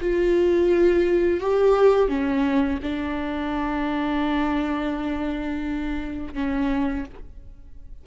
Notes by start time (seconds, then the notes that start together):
0.00 F4
1.40 G4
2.08 C#4
2.82 D4
6.34 C#4